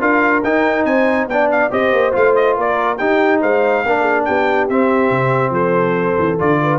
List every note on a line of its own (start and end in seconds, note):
0.00 0.43 D4
0.00 0.43 F4
0.00 0.86 A#4
0.00 0.44 F5
0.43 0.85 D#4
0.43 1.30 D#4
0.43 0.85 G5
0.85 1.27 C4
0.85 1.28 C5
0.85 1.28 G#5
1.27 1.70 B3
1.27 1.71 D4
1.27 1.72 D5
1.27 1.51 G5
1.51 1.72 F5
1.71 1.92 C4
1.71 2.12 G4
1.71 2.57 C5
1.71 2.15 D#5
1.92 2.14 A#3
2.12 2.58 A3
2.12 2.97 F4
2.12 2.35 F5
2.35 2.56 D#5
2.57 3.00 A#3
2.57 2.99 A#4
2.57 2.98 D5
2.98 3.43 D#4
2.98 3.86 D#4
2.98 3.41 G4
2.98 3.40 G5
3.41 3.85 G#3
3.41 3.84 C5
3.41 4.25 F5
3.86 4.28 A#3
3.86 4.69 D4
3.86 4.02 A#4
4.02 4.23 G#4
4.25 4.69 B3
4.25 5.53 G4
4.25 4.67 G5
4.69 5.10 C4
4.69 6.39 C4
4.69 5.54 E5
5.10 5.50 C3
5.50 6.14 F3
5.50 6.59 A4
5.50 6.39 C5
6.19 6.40 E3
6.39 6.79 D3
6.39 6.79 F4
6.39 6.79 D5
6.62 6.79 B4